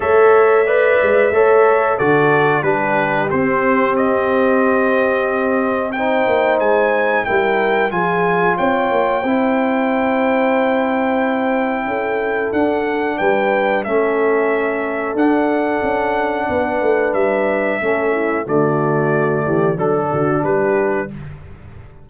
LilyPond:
<<
  \new Staff \with { instrumentName = "trumpet" } { \time 4/4 \tempo 4 = 91 e''2. d''4 | b'4 c''4 dis''2~ | dis''4 g''4 gis''4 g''4 | gis''4 g''2.~ |
g''2. fis''4 | g''4 e''2 fis''4~ | fis''2 e''2 | d''2 a'4 b'4 | }
  \new Staff \with { instrumentName = "horn" } { \time 4/4 cis''4 d''4 cis''4 a'4 | g'1~ | g'4 c''2 ais'4 | gis'4 cis''4 c''2~ |
c''2 a'2 | b'4 a'2.~ | a'4 b'2 a'8 e'8 | fis'4. g'8 a'8 fis'8 g'4 | }
  \new Staff \with { instrumentName = "trombone" } { \time 4/4 a'4 b'4 a'4 fis'4 | d'4 c'2.~ | c'4 dis'2 e'4 | f'2 e'2~ |
e'2. d'4~ | d'4 cis'2 d'4~ | d'2. cis'4 | a2 d'2 | }
  \new Staff \with { instrumentName = "tuba" } { \time 4/4 a4. gis8 a4 d4 | g4 c'2.~ | c'4. ais8 gis4 g4 | f4 c'8 ais8 c'2~ |
c'2 cis'4 d'4 | g4 a2 d'4 | cis'4 b8 a8 g4 a4 | d4. e8 fis8 d8 g4 | }
>>